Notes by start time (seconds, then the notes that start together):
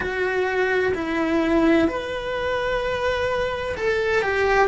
0.00 F#4
0.94 E4
1.87 B4
3.76 A4
4.21 G4